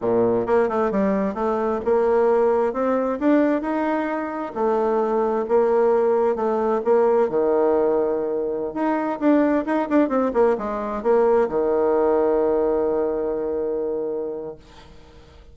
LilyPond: \new Staff \with { instrumentName = "bassoon" } { \time 4/4 \tempo 4 = 132 ais,4 ais8 a8 g4 a4 | ais2 c'4 d'4 | dis'2 a2 | ais2 a4 ais4 |
dis2.~ dis16 dis'8.~ | dis'16 d'4 dis'8 d'8 c'8 ais8 gis8.~ | gis16 ais4 dis2~ dis8.~ | dis1 | }